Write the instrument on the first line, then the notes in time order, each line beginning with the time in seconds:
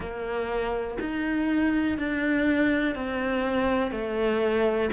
cello
0.00 A#3
1.00 D#4
1.98 D4
2.95 C4
3.91 A3